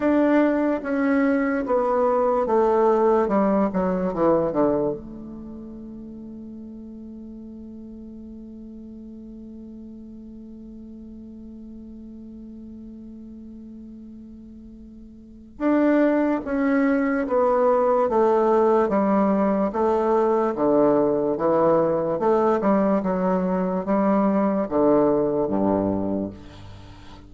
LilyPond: \new Staff \with { instrumentName = "bassoon" } { \time 4/4 \tempo 4 = 73 d'4 cis'4 b4 a4 | g8 fis8 e8 d8 a2~ | a1~ | a1~ |
a2. d'4 | cis'4 b4 a4 g4 | a4 d4 e4 a8 g8 | fis4 g4 d4 g,4 | }